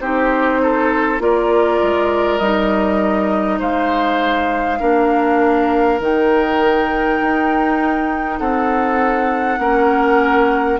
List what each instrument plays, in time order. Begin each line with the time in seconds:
0.00 bassoon C4, clarinet D#4, oboe G4, flute C5
0.62 oboe A4
1.19 bassoon A#3, clarinet F4, oboe A#4, flute D5
1.82 bassoon G#3
2.38 bassoon G3, clarinet D#4, flute D#5
3.58 bassoon G#3, oboe C5, flute F5
4.79 bassoon A#3, clarinet D4, oboe A#4
6.00 bassoon D#3, clarinet D#4, flute G5
7.20 bassoon D#4
8.38 bassoon C4, oboe A4, flute F#5
9.58 bassoon A#3, clarinet C#4, oboe A#4